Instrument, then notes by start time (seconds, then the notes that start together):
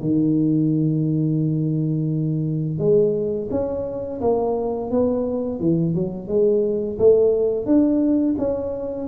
tuba
0.00 D#3
2.78 G#3
3.50 C#4
4.21 A#3
4.90 B3
5.59 E3
5.94 F#3
6.28 G#3
6.98 A3
7.65 D4
8.38 C#4